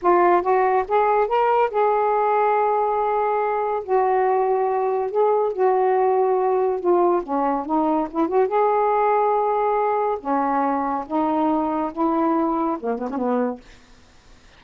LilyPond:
\new Staff \with { instrumentName = "saxophone" } { \time 4/4 \tempo 4 = 141 f'4 fis'4 gis'4 ais'4 | gis'1~ | gis'4 fis'2. | gis'4 fis'2. |
f'4 cis'4 dis'4 e'8 fis'8 | gis'1 | cis'2 dis'2 | e'2 ais8 b16 cis'16 b4 | }